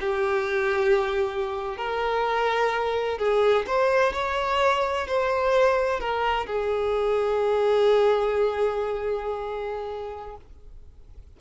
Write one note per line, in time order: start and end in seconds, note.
0.00 1.77 G4
1.77 3.19 A#4
3.19 3.66 G#4
3.67 4.13 C5
4.13 5.07 C#5
5.07 6.00 C5
6.00 6.47 A#4
6.47 10.36 G#4